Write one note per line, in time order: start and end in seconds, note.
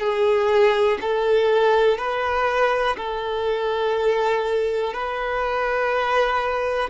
0.00 0.98 G#4
1.01 1.98 A4
1.98 2.96 B4
2.97 4.93 A4
4.93 6.90 B4